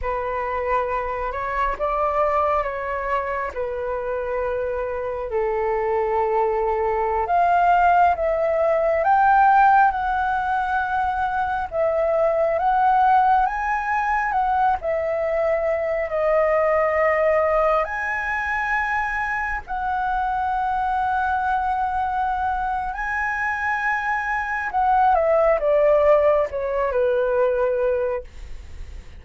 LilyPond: \new Staff \with { instrumentName = "flute" } { \time 4/4 \tempo 4 = 68 b'4. cis''8 d''4 cis''4 | b'2 a'2~ | a'16 f''4 e''4 g''4 fis''8.~ | fis''4~ fis''16 e''4 fis''4 gis''8.~ |
gis''16 fis''8 e''4. dis''4.~ dis''16~ | dis''16 gis''2 fis''4.~ fis''16~ | fis''2 gis''2 | fis''8 e''8 d''4 cis''8 b'4. | }